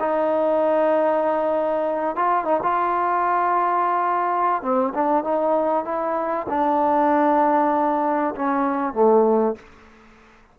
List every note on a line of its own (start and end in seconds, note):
0.00 2.16 D#4
2.16 2.45 F4
2.45 2.60 D#4
2.63 4.63 F4
4.63 4.93 C4
4.95 5.24 D4
5.24 5.85 D#4
5.85 6.47 E4
6.49 8.35 D4
8.36 8.94 C#4
8.94 9.55 A3